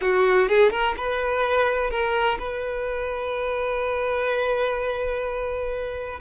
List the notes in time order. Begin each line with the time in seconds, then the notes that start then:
0.01 F#4
0.48 G#4
0.70 A#4
0.97 B4
1.90 A#4
2.39 B4